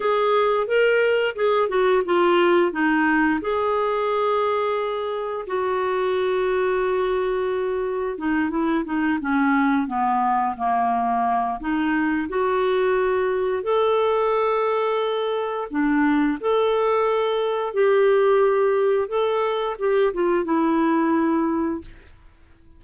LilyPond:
\new Staff \with { instrumentName = "clarinet" } { \time 4/4 \tempo 4 = 88 gis'4 ais'4 gis'8 fis'8 f'4 | dis'4 gis'2. | fis'1 | dis'8 e'8 dis'8 cis'4 b4 ais8~ |
ais4 dis'4 fis'2 | a'2. d'4 | a'2 g'2 | a'4 g'8 f'8 e'2 | }